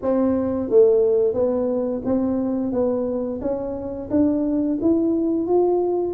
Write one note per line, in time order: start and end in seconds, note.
0.02 0.69 C4
0.69 1.33 A3
1.33 2.01 B3
2.05 2.72 C4
2.72 3.40 B3
3.41 4.09 C#4
4.10 4.78 D4
4.81 5.46 E4
5.46 6.14 F4